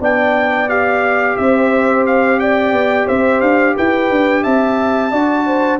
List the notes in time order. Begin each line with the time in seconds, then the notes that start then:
0.00 B3 D4 D5 G5
0.69 G4 F5
1.37 C4 C5 E5
2.06 F5
2.39 D5 G5
2.72 B3
3.06 C4 C5 E5
3.41 D4 F5
3.76 E4 B4 G5
4.10 D4
4.43 C4 E5 A5
5.12 D4 F#4 D5
5.46 C5